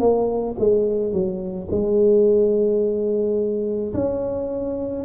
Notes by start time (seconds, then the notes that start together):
0.00 A#3
0.59 G#3
1.13 F#3
1.71 G#3
3.94 C#4